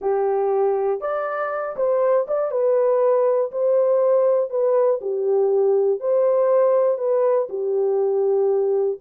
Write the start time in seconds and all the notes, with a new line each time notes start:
0.01 G4
1.00 D5
1.76 C5
2.27 D5
2.51 B4
3.51 C5
4.50 B4
5.01 G4
6.00 C5
6.97 B4
7.49 G4